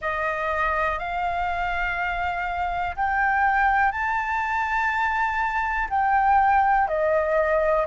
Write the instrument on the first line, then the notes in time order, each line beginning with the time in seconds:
flute
0.00 D#5
0.98 F5
2.96 G5
3.91 A5
5.89 G5
6.87 D#5